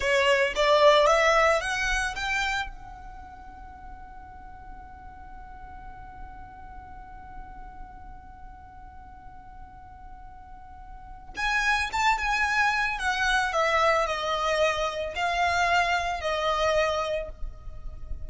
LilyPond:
\new Staff \with { instrumentName = "violin" } { \time 4/4 \tempo 4 = 111 cis''4 d''4 e''4 fis''4 | g''4 fis''2.~ | fis''1~ | fis''1~ |
fis''1~ | fis''4 gis''4 a''8 gis''4. | fis''4 e''4 dis''2 | f''2 dis''2 | }